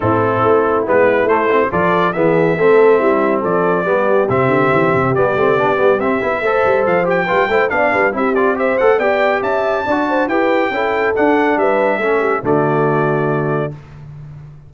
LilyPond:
<<
  \new Staff \with { instrumentName = "trumpet" } { \time 4/4 \tempo 4 = 140 a'2 b'4 c''4 | d''4 e''2. | d''2 e''2 | d''2 e''2 |
f''8 g''4. f''4 e''8 d''8 | e''8 fis''8 g''4 a''2 | g''2 fis''4 e''4~ | e''4 d''2. | }
  \new Staff \with { instrumentName = "horn" } { \time 4/4 e'1 | a'4 gis'4 a'4 e'4 | a'4 g'2.~ | g'2. c''4~ |
c''4 b'8 c''8 d''8 b'8 g'4 | c''4 d''4 e''4 d''8 c''8 | b'4 a'2 b'4 | a'8 g'8 fis'2. | }
  \new Staff \with { instrumentName = "trombone" } { \time 4/4 c'2 b4 a8 c'8 | f'4 b4 c'2~ | c'4 b4 c'2 | b8 c'8 d'8 b8 c'8 e'8 a'4~ |
a'8 g'8 f'8 e'8 d'4 e'8 f'8 | g'8 a'8 g'2 fis'4 | g'4 e'4 d'2 | cis'4 a2. | }
  \new Staff \with { instrumentName = "tuba" } { \time 4/4 a,4 a4 gis4 a4 | f4 e4 a4 g4 | f4 g4 c8 d8 e8 c8 | g8 a8 b8 g8 c'8 b8 a8 g8 |
f4 g8 a8 b8 g8 c'4~ | c'8 a8 b4 cis'4 d'4 | e'4 cis'4 d'4 g4 | a4 d2. | }
>>